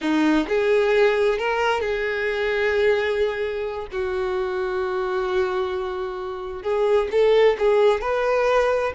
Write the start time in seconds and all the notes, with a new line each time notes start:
0.01 D#4
0.48 G#4
1.38 A#4
1.80 G#4
3.92 F#4
6.62 G#4
7.11 A4
7.58 G#4
8.01 B4